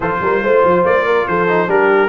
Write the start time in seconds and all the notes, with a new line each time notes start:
0.00 F3 F4 A4 C5
0.21 G3 A#4
0.42 A3 C5
0.64 F3
0.84 A#3 D5
1.05 A#4
1.27 F3 A4 C5
1.48 D#4
1.68 G3 D4 G4 A#4